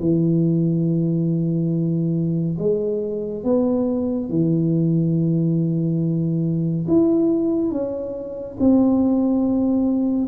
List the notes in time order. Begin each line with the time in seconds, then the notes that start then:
0.00 E3
2.59 G#3
3.44 B3
4.29 E3
6.88 E4
7.71 C#4
8.60 C4